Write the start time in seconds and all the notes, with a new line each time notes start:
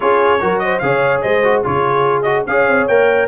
0.00 C#4 F4 G#4 C#5
0.40 F#3 F#4 A#4
0.59 C5 D#5
0.79 C#3 G#4 C#5 F5
1.21 G#3 C5 D#5
1.43 F#4
1.63 C#3 F4 G#4 C#5
2.22 F#4 D#5
2.46 C#4 G#4 C#5 F5
2.67 C4
2.87 A#3 A#4 G5